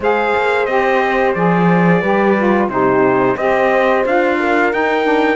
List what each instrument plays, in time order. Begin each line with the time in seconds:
0.00 cello G#3, saxophone G#4, horn C5, trumpet F5
0.37 cello A#3
0.65 cello C4, saxophone G4, trumpet D#5
1.34 cello F3, saxophone G#4, trumpet D5
2.01 cello G3, saxophone G4, horn B4
2.37 saxophone F4
2.68 cello C3, saxophone D#4, horn G4, trumpet C5
3.35 cello C4, saxophone G4, horn C5, trumpet D#5
4.05 cello D4, saxophone F4, trumpet F5
4.39 horn A#4
4.71 saxophone D#4, cello D#4, trumpet G5
5.03 saxophone D4